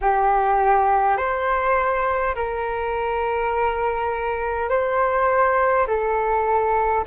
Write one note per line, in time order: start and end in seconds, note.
0.01 1.17 G4
1.17 2.35 C5
2.35 4.69 A#4
4.69 5.87 C5
5.87 7.04 A4